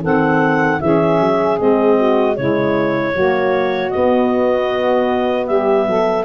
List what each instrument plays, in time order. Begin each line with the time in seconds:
0.00 tuba D#3, saxophone C4 A4, clarinet F#5
0.80 tuba E3, saxophone C#4 G#4, clarinet E5
1.20 tuba F#3
1.57 tuba G#3, saxophone C4, clarinet D#5
1.97 saxophone F#4
2.34 tuba C#3, saxophone G#3 E4, clarinet C#5
3.13 tuba F#3, saxophone A#3 F#4
3.90 saxophone B3, tuba B3, clarinet D#5
5.46 tuba G3, saxophone G4, clarinet E5
5.87 tuba F#3, saxophone A4